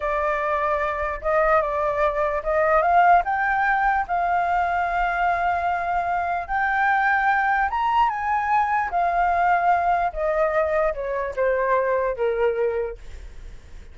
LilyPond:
\new Staff \with { instrumentName = "flute" } { \time 4/4 \tempo 4 = 148 d''2. dis''4 | d''2 dis''4 f''4 | g''2 f''2~ | f''1 |
g''2. ais''4 | gis''2 f''2~ | f''4 dis''2 cis''4 | c''2 ais'2 | }